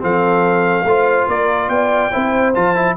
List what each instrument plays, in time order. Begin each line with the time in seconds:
0.00 tuba F3, trombone C4, horn A4, trumpet F5
0.84 tuba A3, trombone F4, horn C5
1.28 tuba A#3, horn A#4, trumpet D5
1.68 tuba B3, horn D5, trumpet G5
2.12 tuba C4, trombone E4, horn C5
2.54 tuba F3, trombone F4, trumpet A5
2.76 trombone E4